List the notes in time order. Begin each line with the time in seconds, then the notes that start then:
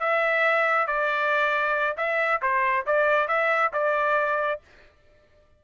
0.00 E5
0.87 D5
1.97 E5
2.42 C5
2.86 D5
3.28 E5
3.73 D5